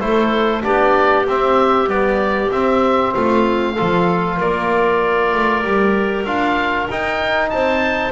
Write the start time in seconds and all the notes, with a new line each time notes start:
0.00 A3 E4 A4 C5
0.63 B3 D4 G4 D5
1.27 C4 E5
1.88 G3 B3 D5
2.51 C4 E5
3.14 A3 F4 F5
3.73 F4 A4
3.80 F3
4.37 A#3 A#4 D5
5.34 A3
5.64 G3 G4
6.25 D4 F4 F5
6.90 D#4 G5
7.50 C4 C5 A5